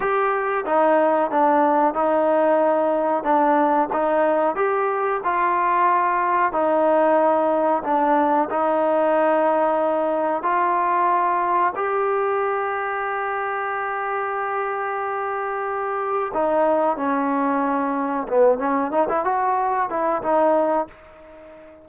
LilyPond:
\new Staff \with { instrumentName = "trombone" } { \time 4/4 \tempo 4 = 92 g'4 dis'4 d'4 dis'4~ | dis'4 d'4 dis'4 g'4 | f'2 dis'2 | d'4 dis'2. |
f'2 g'2~ | g'1~ | g'4 dis'4 cis'2 | b8 cis'8 dis'16 e'16 fis'4 e'8 dis'4 | }